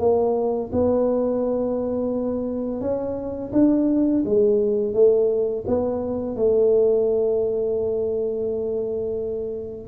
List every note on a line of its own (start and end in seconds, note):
0.00 0.71 A#3
0.73 2.81 B3
2.81 3.52 C#4
3.53 4.23 D4
4.25 4.94 G#3
4.94 5.64 A3
5.67 6.36 B3
6.36 9.88 A3